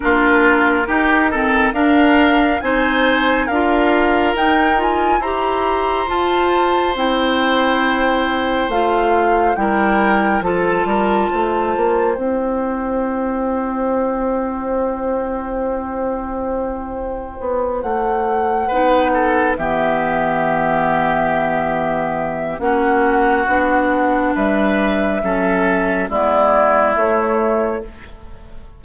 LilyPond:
<<
  \new Staff \with { instrumentName = "flute" } { \time 4/4 \tempo 4 = 69 ais'2 f''4 gis''4 | f''4 g''8 gis''8 ais''4 a''4 | g''2 f''4 g''4 | a''2 g''2~ |
g''1~ | g''8 fis''2 e''4.~ | e''2 fis''2 | e''2 d''4 cis''4 | }
  \new Staff \with { instrumentName = "oboe" } { \time 4/4 f'4 g'8 a'8 ais'4 c''4 | ais'2 c''2~ | c''2. ais'4 | a'8 ais'8 c''2.~ |
c''1~ | c''4. b'8 a'8 g'4.~ | g'2 fis'2 | b'4 a'4 e'2 | }
  \new Staff \with { instrumentName = "clarinet" } { \time 4/4 d'4 dis'8 c'8 d'4 dis'4 | f'4 dis'8 f'8 g'4 f'4 | e'2 f'4 e'4 | f'2 e'2~ |
e'1~ | e'4. dis'4 b4.~ | b2 cis'4 d'4~ | d'4 cis'4 b4 a4 | }
  \new Staff \with { instrumentName = "bassoon" } { \time 4/4 ais4 dis'4 d'4 c'4 | d'4 dis'4 e'4 f'4 | c'2 a4 g4 | f8 g8 a8 ais8 c'2~ |
c'1 | b8 a4 b4 e4.~ | e2 ais4 b4 | g4 fis4 gis4 a4 | }
>>